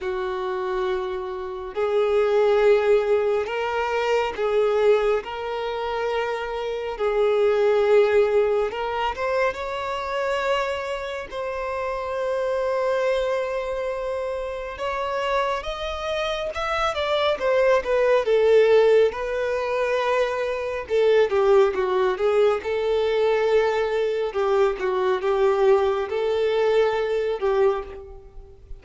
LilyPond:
\new Staff \with { instrumentName = "violin" } { \time 4/4 \tempo 4 = 69 fis'2 gis'2 | ais'4 gis'4 ais'2 | gis'2 ais'8 c''8 cis''4~ | cis''4 c''2.~ |
c''4 cis''4 dis''4 e''8 d''8 | c''8 b'8 a'4 b'2 | a'8 g'8 fis'8 gis'8 a'2 | g'8 fis'8 g'4 a'4. g'8 | }